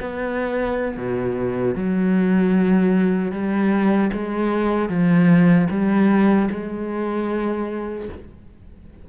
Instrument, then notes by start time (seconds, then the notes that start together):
cello
0.00 B3
0.97 B2
1.74 F#3
3.32 G3
4.12 G#3
4.89 F3
5.70 G3
6.50 G#3